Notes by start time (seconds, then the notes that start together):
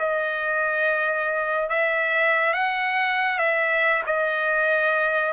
0.00 D#5
1.70 E5
2.54 F#5
3.39 E5
4.07 D#5